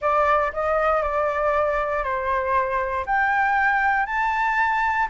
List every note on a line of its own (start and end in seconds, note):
0.01 0.52 D5
0.52 1.02 D#5
1.02 2.03 D5
2.03 3.05 C5
3.06 4.06 G5
4.06 5.07 A5